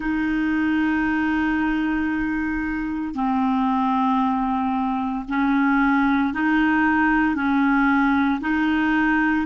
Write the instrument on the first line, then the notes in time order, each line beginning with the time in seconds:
clarinet
0.00 D#4
3.14 C4
5.28 C#4
6.33 D#4
7.35 C#4
8.41 D#4